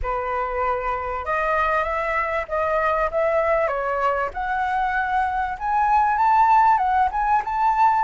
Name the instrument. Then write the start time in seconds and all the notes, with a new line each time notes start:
flute
0.02 B4
1.25 D#5
1.83 E5
2.48 D#5
3.11 E5
3.67 C#5
4.33 F#5
5.58 G#5
6.17 A5
6.77 F#5
7.11 G#5
7.44 A5